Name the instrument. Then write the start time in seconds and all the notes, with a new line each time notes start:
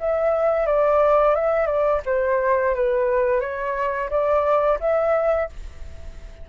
flute
0.00 E5
0.67 D5
1.36 E5
1.67 D5
2.06 C5
2.76 B4
3.41 C#5
4.10 D5
4.81 E5